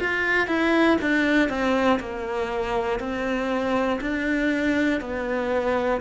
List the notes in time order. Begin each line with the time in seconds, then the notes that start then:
0.00 F4
0.47 E4
1.01 D4
1.49 C4
2.00 A#3
3.00 C4
4.01 D4
5.01 B3